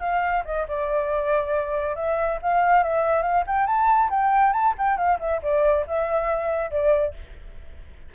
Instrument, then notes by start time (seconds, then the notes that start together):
flute
0.00 F5
0.45 D#5
0.68 D5
1.96 E5
2.42 F5
2.83 E5
3.22 F5
3.47 G5
3.67 A5
4.10 G5
4.53 A5
4.78 G5
4.97 F5
5.20 E5
5.42 D5
5.87 E5
6.71 D5